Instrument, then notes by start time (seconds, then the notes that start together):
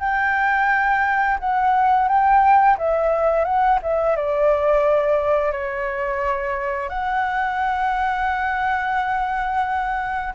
flute
0.00 G5
1.40 F#5
2.08 G5
2.78 E5
3.45 F#5
3.83 E5
4.16 D5
5.52 C#5
6.89 F#5